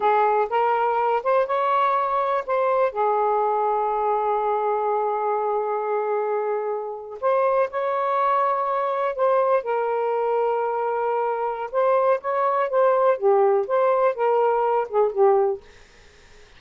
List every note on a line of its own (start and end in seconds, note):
0.00 0.48 G#4
0.49 1.22 A#4
1.23 1.46 C5
1.46 2.44 C#5
2.46 2.92 C5
2.92 7.18 G#4
7.21 7.69 C5
7.70 9.15 C#5
9.15 9.63 C5
9.63 11.70 A#4
11.71 12.20 C5
12.20 12.69 C#5
12.69 13.17 C5
13.17 13.66 G4
13.67 14.15 C5
14.15 14.88 A#4
14.88 15.12 G#4
15.12 15.60 G4